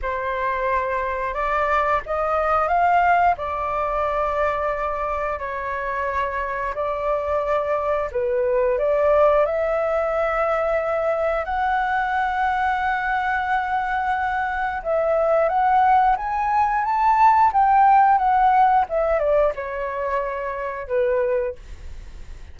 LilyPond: \new Staff \with { instrumentName = "flute" } { \time 4/4 \tempo 4 = 89 c''2 d''4 dis''4 | f''4 d''2. | cis''2 d''2 | b'4 d''4 e''2~ |
e''4 fis''2.~ | fis''2 e''4 fis''4 | gis''4 a''4 g''4 fis''4 | e''8 d''8 cis''2 b'4 | }